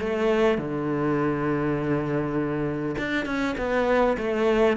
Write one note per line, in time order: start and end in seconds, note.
0.00 0.58 A3
0.58 2.96 D3
2.98 3.26 D4
3.26 3.56 C#4
3.58 4.17 B3
4.18 4.77 A3